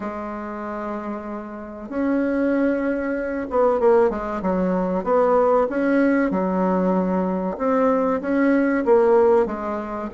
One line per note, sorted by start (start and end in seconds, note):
0.00 1.89 G#3
1.89 3.47 C#4
3.49 3.80 B3
3.80 4.09 A#3
4.09 4.41 G#3
4.42 5.04 F#3
5.04 5.67 B3
5.69 6.30 C#4
6.30 7.57 F#3
7.57 8.20 C4
8.21 8.84 C#4
8.85 9.46 A#3
9.46 10.09 G#3